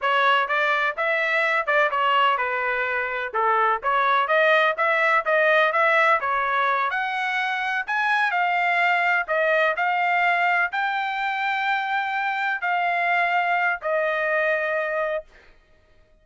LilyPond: \new Staff \with { instrumentName = "trumpet" } { \time 4/4 \tempo 4 = 126 cis''4 d''4 e''4. d''8 | cis''4 b'2 a'4 | cis''4 dis''4 e''4 dis''4 | e''4 cis''4. fis''4.~ |
fis''8 gis''4 f''2 dis''8~ | dis''8 f''2 g''4.~ | g''2~ g''8 f''4.~ | f''4 dis''2. | }